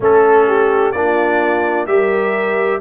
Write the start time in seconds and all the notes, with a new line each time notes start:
0.00 A3 C#4 A4
0.47 G4
0.92 A#3 D4 F4 D5
1.86 G3 G4 A#4 E5